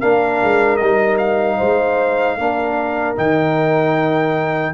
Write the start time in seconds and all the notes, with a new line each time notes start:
0.00 A#3 D4 A#4 F5
0.42 G#3
0.77 G3 D#4 D#5
1.18 F5
1.57 G#3 C5
2.38 A#3 D4 A#4
3.16 D#3 D#4 G5